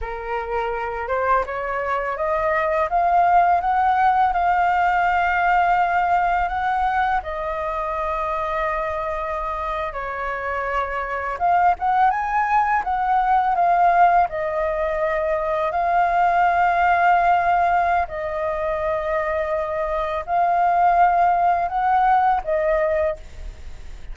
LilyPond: \new Staff \with { instrumentName = "flute" } { \time 4/4 \tempo 4 = 83 ais'4. c''8 cis''4 dis''4 | f''4 fis''4 f''2~ | f''4 fis''4 dis''2~ | dis''4.~ dis''16 cis''2 f''16~ |
f''16 fis''8 gis''4 fis''4 f''4 dis''16~ | dis''4.~ dis''16 f''2~ f''16~ | f''4 dis''2. | f''2 fis''4 dis''4 | }